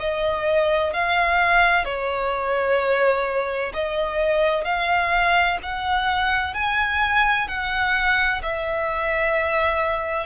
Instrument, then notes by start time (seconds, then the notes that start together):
violin
0.00 D#5
0.93 F5
1.85 C#5
3.74 D#5
4.64 F5
5.63 F#5
6.54 G#5
7.48 F#5
8.42 E5